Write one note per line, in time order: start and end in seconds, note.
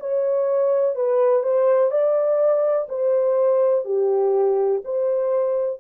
0.00 0.95 C#5
0.95 1.43 B4
1.43 1.90 C5
1.90 2.87 D5
2.89 3.85 C5
3.85 4.82 G4
4.84 5.80 C5